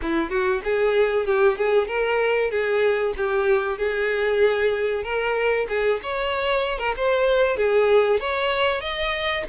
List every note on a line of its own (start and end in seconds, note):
0.01 0.30 E4
0.30 0.61 F#4
0.64 1.25 G#4
1.25 1.57 G4
1.57 1.87 G#4
1.87 2.50 A#4
2.50 3.13 G#4
3.16 3.78 G4
3.78 5.03 G#4
5.03 5.66 A#4
5.68 6.00 G#4
6.03 6.78 C#5
6.78 6.94 A#4
6.96 7.56 C5
7.56 8.19 G#4
8.19 8.80 C#5
8.80 9.44 D#5